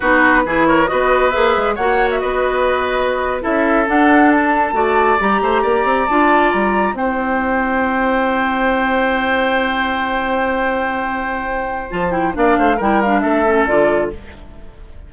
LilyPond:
<<
  \new Staff \with { instrumentName = "flute" } { \time 4/4 \tempo 4 = 136 b'4. cis''8 dis''4 e''4 | fis''8. e''16 dis''2~ dis''8. e''16~ | e''8. fis''4 a''2 ais''16~ | ais''4.~ ais''16 a''4 ais''4 g''16~ |
g''1~ | g''1~ | g''2. a''8 g''8 | f''4 g''8 f''8 e''4 d''4 | }
  \new Staff \with { instrumentName = "oboe" } { \time 4/4 fis'4 gis'8 ais'8 b'2 | cis''4 b'2~ b'8. a'16~ | a'2~ a'8. d''4~ d''16~ | d''16 c''8 d''2. c''16~ |
c''1~ | c''1~ | c''1 | d''8 c''8 ais'4 a'2 | }
  \new Staff \with { instrumentName = "clarinet" } { \time 4/4 dis'4 e'4 fis'4 gis'4 | fis'2.~ fis'8. e'16~ | e'8. d'2 fis'4 g'16~ | g'4.~ g'16 f'2 e'16~ |
e'1~ | e'1~ | e'2. f'8 e'8 | d'4 e'8 d'4 cis'8 f'4 | }
  \new Staff \with { instrumentName = "bassoon" } { \time 4/4 b4 e4 b4 ais8 gis8 | ais4 b2~ b8. cis'16~ | cis'8. d'2 a4 g16~ | g16 a8 ais8 c'8 d'4 g4 c'16~ |
c'1~ | c'1~ | c'2. f4 | ais8 a8 g4 a4 d4 | }
>>